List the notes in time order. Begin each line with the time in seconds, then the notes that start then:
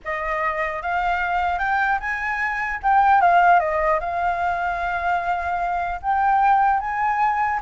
0.04 D#5
0.82 F5
1.59 G5
2.00 G#5
2.83 G5
3.21 F5
3.59 D#5
3.99 F5
6.02 G5
6.80 G#5